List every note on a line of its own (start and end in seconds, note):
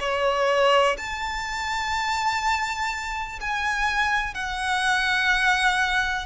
0.00 0.97 C#5
0.97 3.39 A5
3.40 4.34 G#5
4.34 6.26 F#5